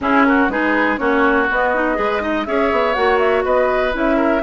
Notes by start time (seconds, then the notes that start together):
0.00 C#4 E4 G#4
0.24 F#4 A#4
0.48 G#3 D#4 G#4 B4
0.97 A#3 C#4 F#4 C#5
1.50 B3 D#5
1.74 D#4
1.95 G#3 G#4 B4
2.20 D#4 D#5
2.45 C#4 G#4 C#5 E5
2.71 B3
2.93 A#3 F#4 F#5
3.18 E5
3.44 B3 B4 D#5
3.92 C#4 E4 E5
4.16 A#4